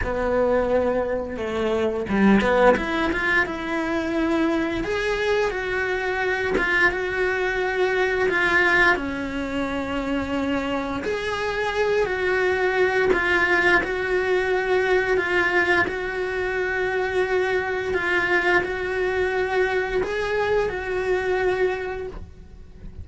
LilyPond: \new Staff \with { instrumentName = "cello" } { \time 4/4 \tempo 4 = 87 b2 a4 g8 b8 | e'8 f'8 e'2 gis'4 | fis'4. f'8 fis'2 | f'4 cis'2. |
gis'4. fis'4. f'4 | fis'2 f'4 fis'4~ | fis'2 f'4 fis'4~ | fis'4 gis'4 fis'2 | }